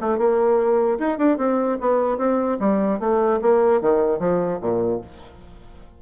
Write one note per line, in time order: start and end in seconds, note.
0.00 0.18 A3
0.18 0.98 A#3
0.99 1.18 D#4
1.18 1.37 D4
1.37 1.78 C4
1.80 2.17 B3
2.17 2.58 C4
2.60 2.99 G3
2.99 3.40 A3
3.42 3.81 A#3
3.81 4.19 D#3
4.19 4.59 F3
4.61 5.01 A#2